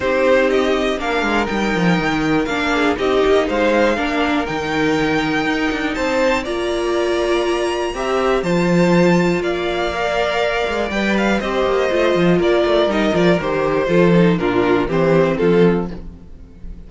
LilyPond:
<<
  \new Staff \with { instrumentName = "violin" } { \time 4/4 \tempo 4 = 121 c''4 dis''4 f''4 g''4~ | g''4 f''4 dis''4 f''4~ | f''4 g''2. | a''4 ais''2.~ |
ais''4 a''2 f''4~ | f''2 g''8 f''8 dis''4~ | dis''4 d''4 dis''8 d''8 c''4~ | c''4 ais'4 c''4 a'4 | }
  \new Staff \with { instrumentName = "violin" } { \time 4/4 g'2 ais'2~ | ais'4. gis'8 g'4 c''4 | ais'1 | c''4 d''2. |
e''4 c''2 d''4~ | d''2. c''4~ | c''4 ais'2. | a'4 f'4 g'4 f'4 | }
  \new Staff \with { instrumentName = "viola" } { \time 4/4 dis'2 d'4 dis'4~ | dis'4 d'4 dis'2 | d'4 dis'2.~ | dis'4 f'2. |
g'4 f'2. | ais'2 b'4 g'4 | f'2 dis'8 f'8 g'4 | f'8 dis'8 d'4 c'2 | }
  \new Staff \with { instrumentName = "cello" } { \time 4/4 c'2 ais8 gis8 g8 f8 | dis4 ais4 c'8 ais8 gis4 | ais4 dis2 dis'8 d'8 | c'4 ais2. |
c'4 f2 ais4~ | ais4. gis8 g4 c'8 ais8 | a8 f8 ais8 a8 g8 f8 dis4 | f4 ais,4 e4 f4 | }
>>